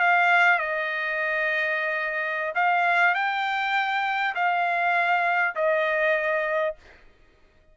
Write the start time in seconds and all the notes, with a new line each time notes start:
0.00 F5
0.59 D#5
2.55 F5
3.14 G5
4.35 F5
5.56 D#5